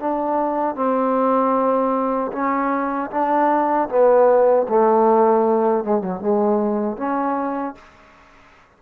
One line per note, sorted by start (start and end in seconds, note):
0.00 0.76 D4
0.76 2.32 C4
2.33 3.11 C#4
3.11 3.89 D4
3.89 4.67 B3
4.69 5.84 A3
5.84 6.01 G#3
6.01 6.21 F#3
6.21 6.97 G#3
6.97 7.75 C#4